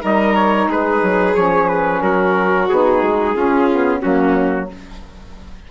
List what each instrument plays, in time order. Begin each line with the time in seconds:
0.00 bassoon G3, saxophone D#4, violin A#4, trumpet D#5
0.35 trumpet C#5
0.67 bassoon G#3, violin G#4, trumpet B4
1.02 bassoon F#3
1.34 bassoon F3, saxophone C#4, trumpet C#5
1.68 trumpet B4
2.02 bassoon F#3, violin F#4, trumpet A#4
2.68 bassoon B3, saxophone D#4, trumpet G#4
3.02 bassoon G#3
3.35 saxophone C#4, bassoon C#4, violin F4
3.71 saxophone B3
4.00 bassoon F#3, saxophone A#3, violin C#4, trumpet F#4